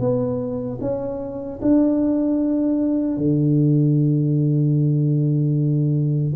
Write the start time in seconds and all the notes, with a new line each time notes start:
0.00 B3
0.81 C#4
1.62 D4
3.18 D3